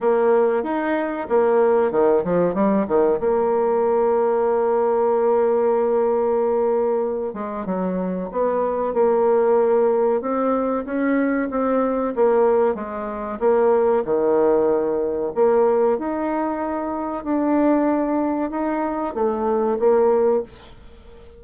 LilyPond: \new Staff \with { instrumentName = "bassoon" } { \time 4/4 \tempo 4 = 94 ais4 dis'4 ais4 dis8 f8 | g8 dis8 ais2.~ | ais2.~ ais8 gis8 | fis4 b4 ais2 |
c'4 cis'4 c'4 ais4 | gis4 ais4 dis2 | ais4 dis'2 d'4~ | d'4 dis'4 a4 ais4 | }